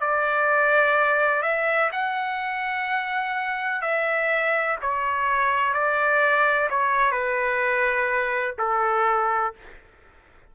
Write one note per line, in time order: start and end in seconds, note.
0.00 1.42 D5
1.42 1.90 E5
1.92 3.81 F#5
3.81 4.77 E5
4.81 5.73 C#5
5.73 6.68 D5
6.70 7.11 C#5
7.11 8.54 B4
8.58 9.54 A4